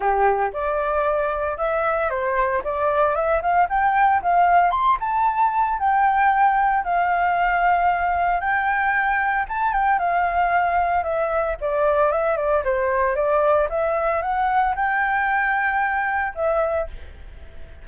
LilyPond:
\new Staff \with { instrumentName = "flute" } { \time 4/4 \tempo 4 = 114 g'4 d''2 e''4 | c''4 d''4 e''8 f''8 g''4 | f''4 c'''8 a''4. g''4~ | g''4 f''2. |
g''2 a''8 g''8 f''4~ | f''4 e''4 d''4 e''8 d''8 | c''4 d''4 e''4 fis''4 | g''2. e''4 | }